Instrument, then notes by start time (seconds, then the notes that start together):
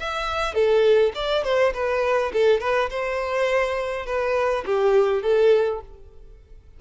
violin
0.00 E5
0.55 A4
1.15 D5
1.45 C5
1.74 B4
2.34 A4
2.61 B4
2.90 C5
4.06 B4
4.66 G4
5.23 A4